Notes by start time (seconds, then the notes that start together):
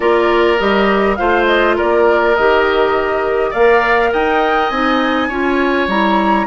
0.00 A#3 F4 A#4 D5
0.58 G3 G4 D#5
1.16 A3 F4 C5 F5
1.46 D#5
1.76 A#3 A#4 D5
2.35 D#3 G4 D#5
3.50 A#3 A#4 D5 F5
4.12 D#4 D#5 G5
4.69 C4 D#4 G#5
5.28 C#4 F4 C#5
5.87 G3 E4 A#5